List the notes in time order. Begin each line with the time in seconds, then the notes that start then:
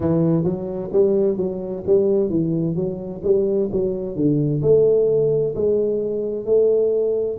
0.00 E3
0.44 F#3
0.92 G3
1.37 F#3
1.86 G3
2.29 E3
2.75 F#3
3.23 G3
3.72 F#3
4.15 D3
4.62 A3
5.55 G#3
6.45 A3